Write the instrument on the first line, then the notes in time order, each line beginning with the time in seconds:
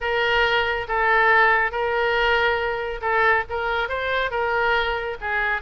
oboe
0.01 A#4
0.88 A4
1.71 A#4
3.01 A4
3.49 A#4
3.88 C5
4.30 A#4
5.21 G#4